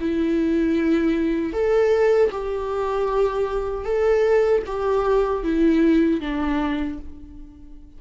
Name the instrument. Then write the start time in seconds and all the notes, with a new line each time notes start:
viola
0.00 E4
1.53 A4
2.31 G4
3.85 A4
4.66 G4
5.43 E4
6.21 D4